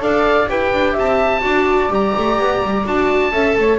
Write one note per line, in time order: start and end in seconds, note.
0.00 0.48 D4
0.00 0.48 A4
0.00 0.50 D5
0.00 0.50 F5
0.48 0.73 E4
0.48 1.41 G4
0.48 0.93 B4
0.48 0.97 G5
0.73 0.97 D4
0.93 1.43 C4
0.93 1.40 E5
0.93 1.94 A5
1.41 1.90 D4
1.41 1.89 F#4
1.41 3.33 D5
1.89 2.13 G3
1.89 2.84 G4
1.89 2.87 A#5
2.17 2.38 A3
2.38 2.62 B3
2.64 2.86 G3
2.85 3.32 D4
2.85 3.32 F#4
2.85 3.79 A5
3.32 3.56 C#4
3.32 3.79 A4
3.32 3.57 E5
3.57 3.79 A3
3.57 3.79 C#5